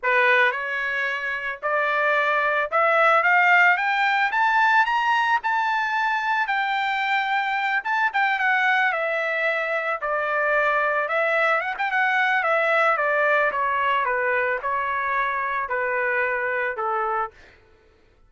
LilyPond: \new Staff \with { instrumentName = "trumpet" } { \time 4/4 \tempo 4 = 111 b'4 cis''2 d''4~ | d''4 e''4 f''4 g''4 | a''4 ais''4 a''2 | g''2~ g''8 a''8 g''8 fis''8~ |
fis''8 e''2 d''4.~ | d''8 e''4 fis''16 g''16 fis''4 e''4 | d''4 cis''4 b'4 cis''4~ | cis''4 b'2 a'4 | }